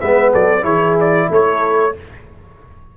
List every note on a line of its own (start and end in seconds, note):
0.00 0.34 G#3
0.00 0.62 B3
0.00 0.32 B4
0.00 0.32 E5
0.32 0.64 F#3
0.32 0.64 A4
0.32 0.64 D5
0.62 1.28 E3
0.62 1.91 E4
0.62 1.28 G#4
0.62 0.96 C#5
1.00 1.32 D5
1.30 1.94 A3
1.30 1.95 A4
1.30 1.97 C#5